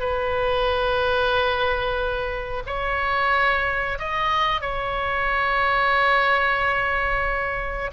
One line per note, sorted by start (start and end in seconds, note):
0.00 2.64 B4
2.67 3.99 C#5
3.99 4.62 D#5
4.62 7.92 C#5